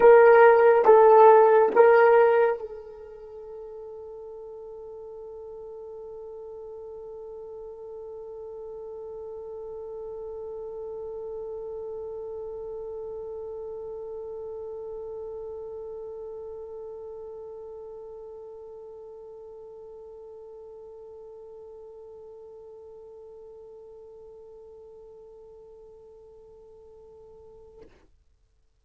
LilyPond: \new Staff \with { instrumentName = "horn" } { \time 4/4 \tempo 4 = 69 ais'4 a'4 ais'4 a'4~ | a'1~ | a'1~ | a'1~ |
a'1~ | a'1~ | a'1~ | a'1 | }